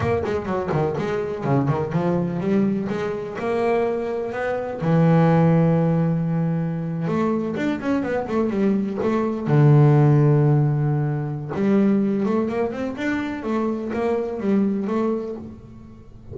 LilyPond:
\new Staff \with { instrumentName = "double bass" } { \time 4/4 \tempo 4 = 125 ais8 gis8 fis8 dis8 gis4 cis8 dis8 | f4 g4 gis4 ais4~ | ais4 b4 e2~ | e2~ e8. a4 d'16~ |
d'16 cis'8 b8 a8 g4 a4 d16~ | d1 | g4. a8 ais8 c'8 d'4 | a4 ais4 g4 a4 | }